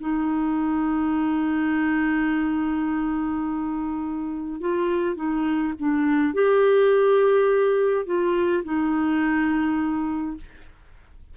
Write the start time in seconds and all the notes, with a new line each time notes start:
0.00 D#4
4.60 F4
5.16 D#4
5.79 D4
6.34 G4
8.06 F4
8.64 D#4